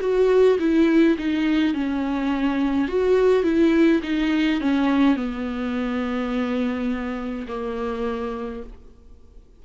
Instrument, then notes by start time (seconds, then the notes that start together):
viola
0.00 F#4
0.59 E4
1.17 D#4
1.74 C#4
2.87 F#4
3.43 E4
4.03 D#4
4.60 C#4
5.16 B3
7.47 A#3